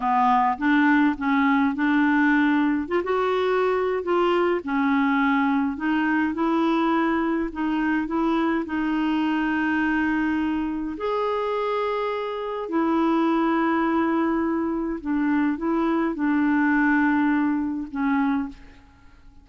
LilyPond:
\new Staff \with { instrumentName = "clarinet" } { \time 4/4 \tempo 4 = 104 b4 d'4 cis'4 d'4~ | d'4 f'16 fis'4.~ fis'16 f'4 | cis'2 dis'4 e'4~ | e'4 dis'4 e'4 dis'4~ |
dis'2. gis'4~ | gis'2 e'2~ | e'2 d'4 e'4 | d'2. cis'4 | }